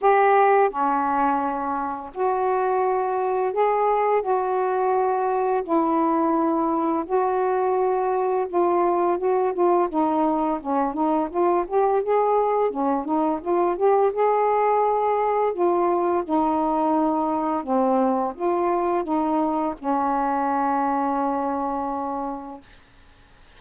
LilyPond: \new Staff \with { instrumentName = "saxophone" } { \time 4/4 \tempo 4 = 85 g'4 cis'2 fis'4~ | fis'4 gis'4 fis'2 | e'2 fis'2 | f'4 fis'8 f'8 dis'4 cis'8 dis'8 |
f'8 g'8 gis'4 cis'8 dis'8 f'8 g'8 | gis'2 f'4 dis'4~ | dis'4 c'4 f'4 dis'4 | cis'1 | }